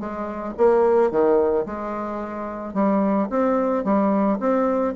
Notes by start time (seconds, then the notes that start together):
0.00 G#3
0.58 A#3
1.11 D#3
1.66 G#3
2.74 G3
3.30 C4
3.84 G3
4.40 C4